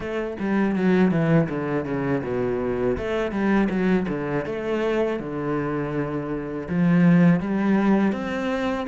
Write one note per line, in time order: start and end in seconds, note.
0.00 0.36 A3
0.39 0.75 G3
0.75 1.11 F#3
1.11 1.48 E3
1.48 1.85 D3
1.85 2.22 C#3
2.23 2.97 B2
2.97 3.31 A3
3.31 3.68 G3
3.69 4.06 F#3
4.08 4.45 D3
4.45 5.19 A3
5.19 6.67 D3
6.68 7.39 F3
7.39 8.12 G3
8.12 8.86 C4